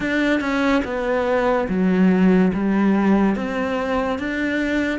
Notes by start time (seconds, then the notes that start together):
0.00 D4
0.40 C#4
0.84 B3
1.68 F#3
2.53 G3
3.35 C4
4.19 D4